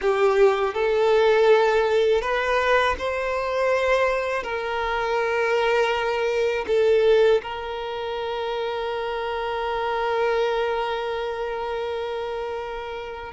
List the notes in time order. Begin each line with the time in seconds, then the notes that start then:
0.01 G4
0.74 A4
2.21 B4
2.98 C5
4.43 A#4
6.67 A4
7.42 A#4